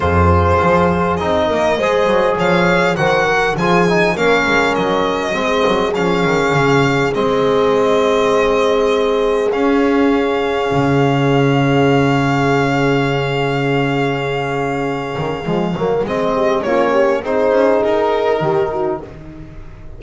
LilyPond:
<<
  \new Staff \with { instrumentName = "violin" } { \time 4/4 \tempo 4 = 101 c''2 dis''2 | f''4 fis''4 gis''4 f''4 | dis''2 f''2 | dis''1 |
f''1~ | f''1~ | f''2. dis''4 | cis''4 c''4 ais'2 | }
  \new Staff \with { instrumentName = "horn" } { \time 4/4 gis'2~ gis'8 ais'8 c''4 | cis''4 c''8 ais'8 gis'4 ais'4~ | ais'4 gis'2.~ | gis'1~ |
gis'1~ | gis'1~ | gis'2.~ gis'8 g'8 | f'8 g'8 gis'2 g'8 fis'8 | }
  \new Staff \with { instrumentName = "trombone" } { \time 4/4 f'2 dis'4 gis'4~ | gis'4 fis'4 f'8 dis'8 cis'4~ | cis'4 c'4 cis'2 | c'1 |
cis'1~ | cis'1~ | cis'2 gis8 ais8 c'4 | cis'4 dis'2. | }
  \new Staff \with { instrumentName = "double bass" } { \time 4/4 f,4 f4 c'8 ais8 gis8 fis8 | f4 dis4 f4 ais8 gis8 | fis4 gis8 fis8 f8 dis8 cis4 | gis1 |
cis'2 cis2~ | cis1~ | cis4. dis8 f8 fis8 gis4 | ais4 c'8 cis'8 dis'4 dis4 | }
>>